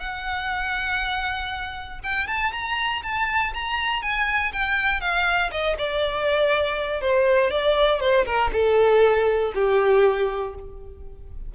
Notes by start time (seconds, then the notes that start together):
0.00 F#5
2.03 G5
2.27 A5
2.52 A#5
3.03 A5
3.54 A#5
4.02 G#5
4.52 G5
5.00 F5
5.51 D#5
5.78 D5
7.01 C5
7.51 D5
8.00 C5
8.25 A#4
8.53 A4
9.55 G4